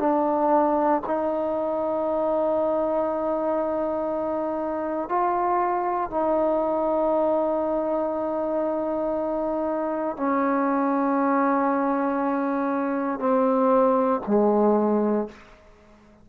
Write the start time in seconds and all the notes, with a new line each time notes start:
0.00 D4
1.06 D#4
5.09 F4
6.11 D#4
10.17 C#4
13.19 C4
14.27 G#3